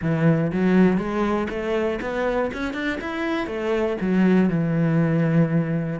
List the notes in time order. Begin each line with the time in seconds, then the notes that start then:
0.01 E3
0.52 F#3
0.97 G#3
1.49 A3
2.01 B3
2.53 C#4
2.73 D4
3.00 E4
3.46 A3
4.00 F#3
4.49 E3